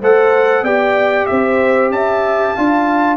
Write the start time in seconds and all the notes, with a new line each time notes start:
0.00 A3 A4 C5 F#5
0.62 B3 G4 D5 G5
1.26 C4 C5 E5
1.90 C#4 E5 A5
2.55 D4 F4 F5